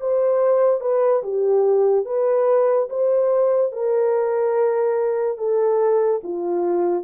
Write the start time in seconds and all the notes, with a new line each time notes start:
0.00 C5
0.81 B4
1.23 G4
2.05 B4
2.89 C5
3.72 A#4
5.37 A4
6.23 F4